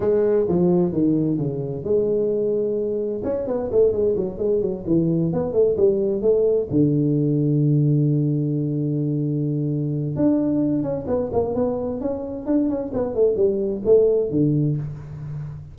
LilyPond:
\new Staff \with { instrumentName = "tuba" } { \time 4/4 \tempo 4 = 130 gis4 f4 dis4 cis4 | gis2. cis'8 b8 | a8 gis8 fis8 gis8 fis8 e4 b8 | a8 g4 a4 d4.~ |
d1~ | d2 d'4. cis'8 | b8 ais8 b4 cis'4 d'8 cis'8 | b8 a8 g4 a4 d4 | }